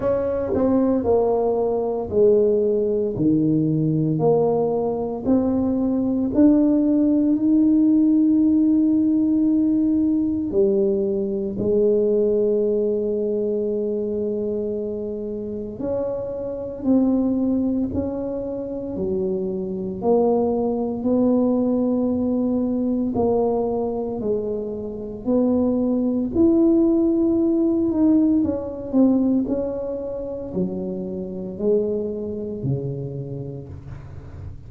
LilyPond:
\new Staff \with { instrumentName = "tuba" } { \time 4/4 \tempo 4 = 57 cis'8 c'8 ais4 gis4 dis4 | ais4 c'4 d'4 dis'4~ | dis'2 g4 gis4~ | gis2. cis'4 |
c'4 cis'4 fis4 ais4 | b2 ais4 gis4 | b4 e'4. dis'8 cis'8 c'8 | cis'4 fis4 gis4 cis4 | }